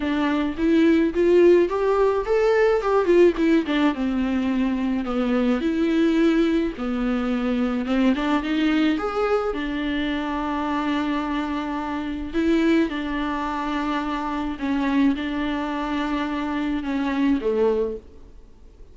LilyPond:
\new Staff \with { instrumentName = "viola" } { \time 4/4 \tempo 4 = 107 d'4 e'4 f'4 g'4 | a'4 g'8 f'8 e'8 d'8 c'4~ | c'4 b4 e'2 | b2 c'8 d'8 dis'4 |
gis'4 d'2.~ | d'2 e'4 d'4~ | d'2 cis'4 d'4~ | d'2 cis'4 a4 | }